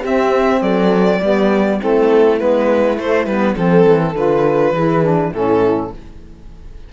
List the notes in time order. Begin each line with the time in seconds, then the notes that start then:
0.00 C4 G4 E5
0.61 F#3 A4 D5
1.21 G3 B3 G4
1.79 A3 C4 E4 A4
2.37 G#3 B3 B4
2.97 A3 C5
3.25 G3 B3 B4
3.54 F3 C4 A4
3.87 E3
4.14 D3 F4 B4
4.73 E3 E4 G#4
5.02 D4
5.31 A2 C#4 E4 A4